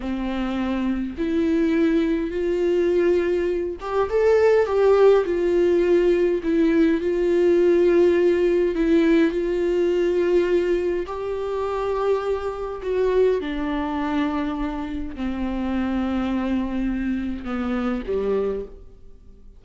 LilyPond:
\new Staff \with { instrumentName = "viola" } { \time 4/4 \tempo 4 = 103 c'2 e'2 | f'2~ f'8 g'8 a'4 | g'4 f'2 e'4 | f'2. e'4 |
f'2. g'4~ | g'2 fis'4 d'4~ | d'2 c'2~ | c'2 b4 g4 | }